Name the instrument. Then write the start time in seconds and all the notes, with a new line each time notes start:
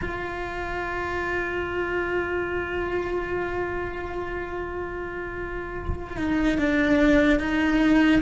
cello
0.01 F4
6.16 D#4
6.58 D4
7.39 D#4